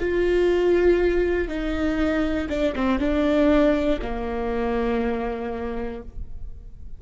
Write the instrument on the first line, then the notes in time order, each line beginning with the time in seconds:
viola
0.00 F4
1.49 D#4
2.50 D4
2.76 C4
3.00 D4
4.02 A#3